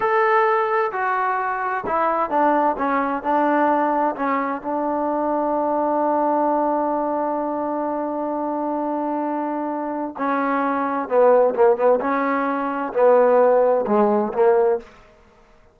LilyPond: \new Staff \with { instrumentName = "trombone" } { \time 4/4 \tempo 4 = 130 a'2 fis'2 | e'4 d'4 cis'4 d'4~ | d'4 cis'4 d'2~ | d'1~ |
d'1~ | d'2 cis'2 | b4 ais8 b8 cis'2 | b2 gis4 ais4 | }